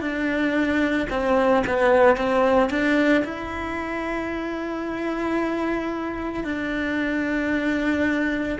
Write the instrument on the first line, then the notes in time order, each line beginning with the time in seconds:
cello
0.00 D4
1.10 C4
1.67 B3
2.16 C4
2.70 D4
3.24 E4
6.44 D4